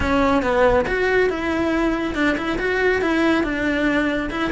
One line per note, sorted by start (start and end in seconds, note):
0.00 0.42 C#4
0.42 0.85 B3
0.87 1.29 F#4
1.29 2.14 E4
2.14 2.36 D4
2.37 2.58 E4
2.58 3.01 F#4
3.01 3.43 E4
3.43 4.29 D4
4.30 4.51 E4